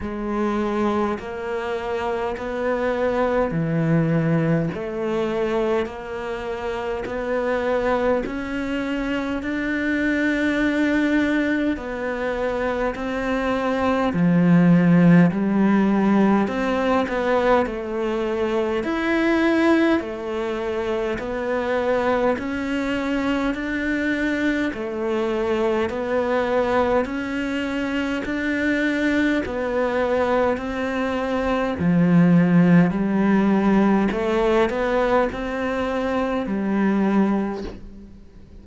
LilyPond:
\new Staff \with { instrumentName = "cello" } { \time 4/4 \tempo 4 = 51 gis4 ais4 b4 e4 | a4 ais4 b4 cis'4 | d'2 b4 c'4 | f4 g4 c'8 b8 a4 |
e'4 a4 b4 cis'4 | d'4 a4 b4 cis'4 | d'4 b4 c'4 f4 | g4 a8 b8 c'4 g4 | }